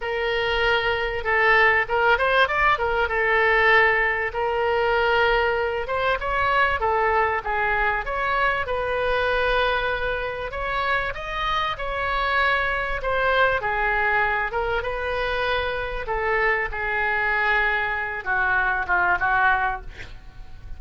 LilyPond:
\new Staff \with { instrumentName = "oboe" } { \time 4/4 \tempo 4 = 97 ais'2 a'4 ais'8 c''8 | d''8 ais'8 a'2 ais'4~ | ais'4. c''8 cis''4 a'4 | gis'4 cis''4 b'2~ |
b'4 cis''4 dis''4 cis''4~ | cis''4 c''4 gis'4. ais'8 | b'2 a'4 gis'4~ | gis'4. fis'4 f'8 fis'4 | }